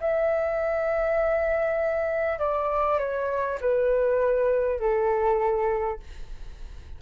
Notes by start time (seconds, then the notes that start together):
0.00 E5
2.38 D5
2.98 C#5
3.60 B4
4.79 A4